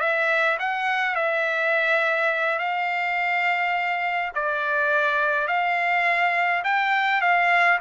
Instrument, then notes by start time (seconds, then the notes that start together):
trumpet
0.00 E5
0.59 F#5
1.16 E5
2.59 F5
4.35 D5
5.48 F5
6.64 G5
7.21 F5